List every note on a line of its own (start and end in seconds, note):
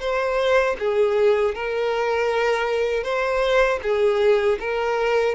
0.00 0.76 C5
0.79 1.54 G#4
1.54 3.03 A#4
3.03 3.79 C5
3.82 4.58 G#4
4.59 5.35 A#4